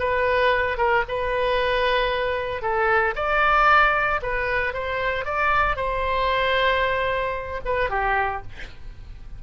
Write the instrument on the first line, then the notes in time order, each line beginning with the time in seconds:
oboe
0.00 B4
0.78 A#4
1.09 B4
2.62 A4
3.16 D5
4.23 B4
4.74 C5
5.25 D5
5.77 C5
7.65 B4
7.90 G4